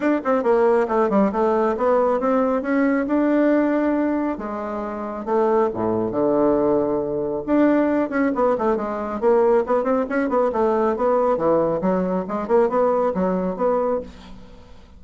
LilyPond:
\new Staff \with { instrumentName = "bassoon" } { \time 4/4 \tempo 4 = 137 d'8 c'8 ais4 a8 g8 a4 | b4 c'4 cis'4 d'4~ | d'2 gis2 | a4 a,4 d2~ |
d4 d'4. cis'8 b8 a8 | gis4 ais4 b8 c'8 cis'8 b8 | a4 b4 e4 fis4 | gis8 ais8 b4 fis4 b4 | }